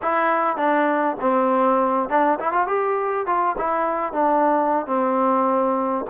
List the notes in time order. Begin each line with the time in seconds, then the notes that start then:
0.02 E4
0.56 D4
1.20 C4
2.09 D4
2.39 E4
2.52 F4
2.67 G4
3.26 F4
3.58 E4
4.13 D4
4.86 C4